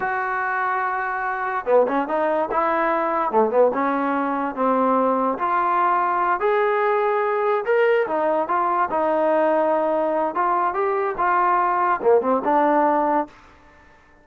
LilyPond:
\new Staff \with { instrumentName = "trombone" } { \time 4/4 \tempo 4 = 145 fis'1 | b8 cis'8 dis'4 e'2 | a8 b8 cis'2 c'4~ | c'4 f'2~ f'8 gis'8~ |
gis'2~ gis'8 ais'4 dis'8~ | dis'8 f'4 dis'2~ dis'8~ | dis'4 f'4 g'4 f'4~ | f'4 ais8 c'8 d'2 | }